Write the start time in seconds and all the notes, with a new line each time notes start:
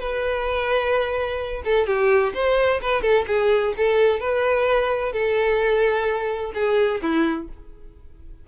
0.00 B4
1.65 A4
1.87 G4
2.34 C5
2.82 B4
3.02 A4
3.27 G#4
3.77 A4
4.20 B4
5.13 A4
6.55 G#4
7.02 E4